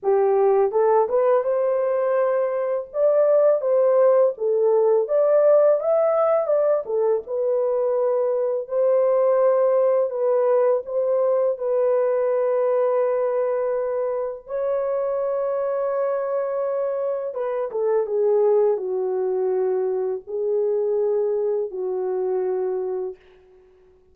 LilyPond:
\new Staff \with { instrumentName = "horn" } { \time 4/4 \tempo 4 = 83 g'4 a'8 b'8 c''2 | d''4 c''4 a'4 d''4 | e''4 d''8 a'8 b'2 | c''2 b'4 c''4 |
b'1 | cis''1 | b'8 a'8 gis'4 fis'2 | gis'2 fis'2 | }